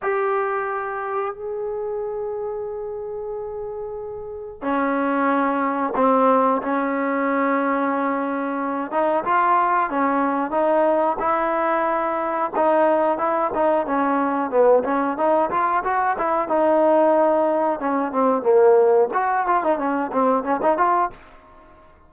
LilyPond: \new Staff \with { instrumentName = "trombone" } { \time 4/4 \tempo 4 = 91 g'2 gis'2~ | gis'2. cis'4~ | cis'4 c'4 cis'2~ | cis'4. dis'8 f'4 cis'4 |
dis'4 e'2 dis'4 | e'8 dis'8 cis'4 b8 cis'8 dis'8 f'8 | fis'8 e'8 dis'2 cis'8 c'8 | ais4 fis'8 f'16 dis'16 cis'8 c'8 cis'16 dis'16 f'8 | }